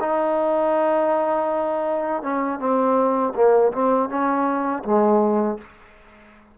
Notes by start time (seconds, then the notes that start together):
0.00 D#4
2.22 C#4
2.59 C4
3.35 A#3
3.72 C4
4.09 C#4
4.84 G#3